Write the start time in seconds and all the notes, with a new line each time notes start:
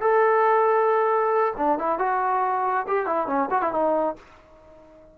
0.00 A4
1.57 D4
1.78 E4
1.98 F#4
2.87 G4
3.06 E4
3.27 C#4
3.50 F#4
3.62 E4
3.72 D#4